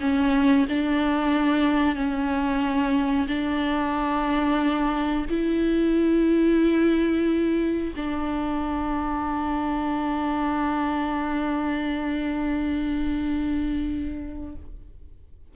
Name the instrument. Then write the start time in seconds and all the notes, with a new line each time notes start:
viola
0.00 C#4
0.68 D4
1.95 C#4
3.27 D4
5.29 E4
7.96 D4